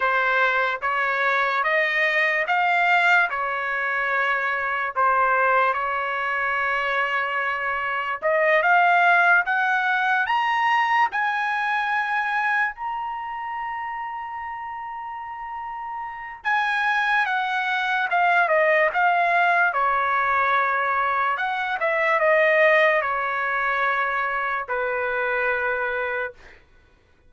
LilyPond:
\new Staff \with { instrumentName = "trumpet" } { \time 4/4 \tempo 4 = 73 c''4 cis''4 dis''4 f''4 | cis''2 c''4 cis''4~ | cis''2 dis''8 f''4 fis''8~ | fis''8 ais''4 gis''2 ais''8~ |
ais''1 | gis''4 fis''4 f''8 dis''8 f''4 | cis''2 fis''8 e''8 dis''4 | cis''2 b'2 | }